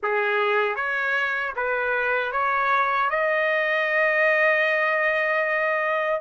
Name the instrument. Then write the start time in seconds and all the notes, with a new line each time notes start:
trumpet
0.02 G#4
0.75 C#5
1.56 B4
2.32 C#5
3.10 D#5